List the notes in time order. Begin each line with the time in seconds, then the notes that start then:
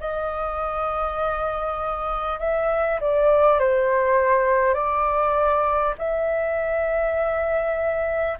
0.00 D#5
2.39 E5
3.01 D5
3.59 C5
4.74 D5
5.98 E5